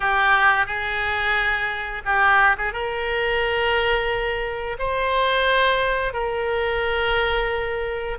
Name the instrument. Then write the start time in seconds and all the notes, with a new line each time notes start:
oboe
0.00 G4
0.66 G#4
2.05 G4
2.57 G#4
2.72 A#4
4.78 C5
6.13 A#4